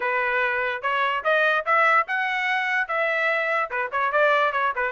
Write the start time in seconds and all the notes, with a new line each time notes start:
0.00 B4
0.82 C#5
1.24 D#5
1.65 E5
2.07 F#5
2.88 E5
3.70 B4
3.91 C#5
4.12 D5
4.52 C#5
4.75 B4